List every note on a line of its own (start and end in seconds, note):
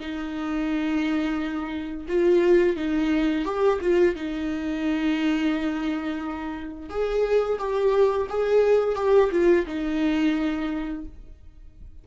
0.00 2.07 D#4
2.08 2.76 F4
2.76 3.45 D#4
3.45 3.80 G4
3.81 4.16 F4
4.16 6.89 D#4
6.89 7.58 G#4
7.59 8.28 G4
8.29 8.96 G#4
8.96 9.30 G4
9.32 9.66 F4
9.67 11.05 D#4